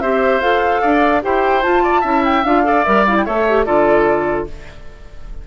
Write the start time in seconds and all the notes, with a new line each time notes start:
0.00 C4 G4 C5 E5
0.40 F4 A4 F5
0.81 D4 D5
1.22 E4 G4 C5 G5
1.62 F4 A5
1.83 D5
2.01 C#4 E4 E5
2.24 G5
2.44 D4 F4 F5
2.64 A4 D5
2.84 G3 A#4 E5
3.06 E4 F5
3.17 G5
3.25 A3 A4 C#5 E5
3.49 G4
3.65 D3 F4 A4 D5